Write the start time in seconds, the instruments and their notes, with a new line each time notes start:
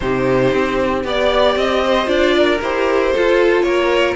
0.00 cello C3, viola D#4, violin G4 C5
0.53 cello C4
1.04 cello B3, viola G4, violin D5
1.56 cello C4, violin D#5
1.84 violin C5
2.06 cello D4, viola F4, violin D5
2.36 violin A#4
2.61 cello E4, viola G4, violin C5
3.13 viola F4, cello F4, violin A4
3.62 cello A#3, violin A#4 C#5